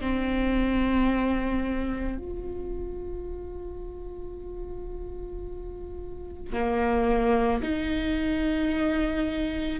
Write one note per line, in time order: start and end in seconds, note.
0.00 2.18 C4
2.18 6.52 F4
6.52 7.61 A#3
7.62 9.79 D#4